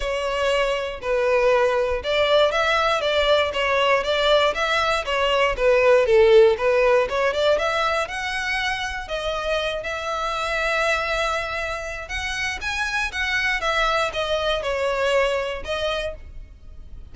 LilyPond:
\new Staff \with { instrumentName = "violin" } { \time 4/4 \tempo 4 = 119 cis''2 b'2 | d''4 e''4 d''4 cis''4 | d''4 e''4 cis''4 b'4 | a'4 b'4 cis''8 d''8 e''4 |
fis''2 dis''4. e''8~ | e''1 | fis''4 gis''4 fis''4 e''4 | dis''4 cis''2 dis''4 | }